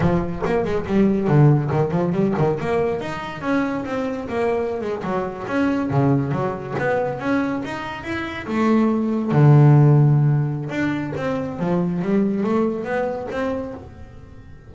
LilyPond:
\new Staff \with { instrumentName = "double bass" } { \time 4/4 \tempo 4 = 140 f4 ais8 gis8 g4 d4 | dis8 f8 g8 dis8 ais4 dis'4 | cis'4 c'4 ais4~ ais16 gis8 fis16~ | fis8. cis'4 cis4 fis4 b16~ |
b8. cis'4 dis'4 e'4 a16~ | a4.~ a16 d2~ d16~ | d4 d'4 c'4 f4 | g4 a4 b4 c'4 | }